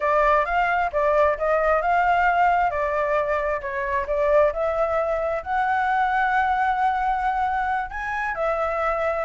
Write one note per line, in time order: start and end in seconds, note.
0.00 0.45 D5
0.45 0.90 F5
0.92 1.37 D5
1.37 1.81 D#5
1.81 2.70 F5
2.70 3.60 D5
3.61 4.06 C#5
4.07 4.52 D5
4.52 5.42 E5
5.42 7.90 F#5
7.90 8.35 G#5
8.35 9.25 E5